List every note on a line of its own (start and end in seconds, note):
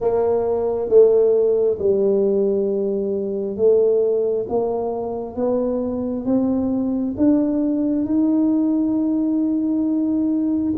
0.00 0.88 A#3
0.88 1.78 A3
1.78 3.56 G3
3.56 4.46 A3
4.48 5.35 A#3
5.35 6.25 B3
6.25 7.14 C4
7.17 8.05 D4
8.05 10.73 D#4